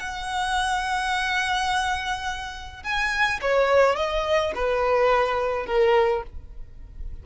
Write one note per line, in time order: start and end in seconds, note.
0.00 2.83 F#5
2.83 3.40 G#5
3.42 3.96 C#5
3.96 4.53 D#5
4.55 5.66 B4
5.66 6.23 A#4